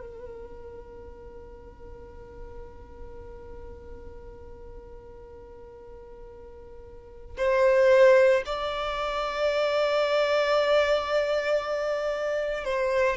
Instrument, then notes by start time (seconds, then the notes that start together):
violin
0.00 A#4
7.37 C5
8.45 D5
12.64 C5